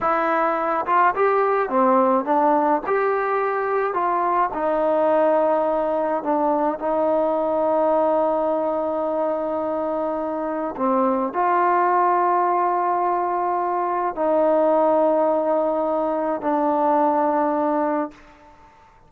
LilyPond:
\new Staff \with { instrumentName = "trombone" } { \time 4/4 \tempo 4 = 106 e'4. f'8 g'4 c'4 | d'4 g'2 f'4 | dis'2. d'4 | dis'1~ |
dis'2. c'4 | f'1~ | f'4 dis'2.~ | dis'4 d'2. | }